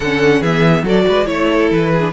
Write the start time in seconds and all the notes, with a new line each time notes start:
0.00 D3 C#4 A4 F#5
0.40 E3 B3 G#4 E5
0.83 F#3 F#4 A4 D5
1.08 G#3 B4
1.25 A3 E4 C#5
1.49 A4
1.70 E3 B4
1.92 G#4
2.00 D4